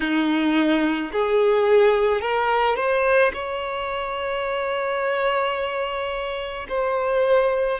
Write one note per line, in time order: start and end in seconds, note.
0.00 1.11 D#4
1.12 2.21 G#4
2.21 2.75 A#4
2.75 3.31 C5
3.33 6.67 C#5
6.69 7.80 C5